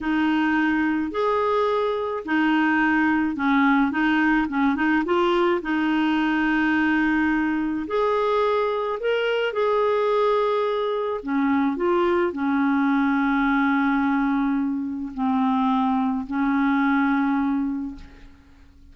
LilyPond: \new Staff \with { instrumentName = "clarinet" } { \time 4/4 \tempo 4 = 107 dis'2 gis'2 | dis'2 cis'4 dis'4 | cis'8 dis'8 f'4 dis'2~ | dis'2 gis'2 |
ais'4 gis'2. | cis'4 f'4 cis'2~ | cis'2. c'4~ | c'4 cis'2. | }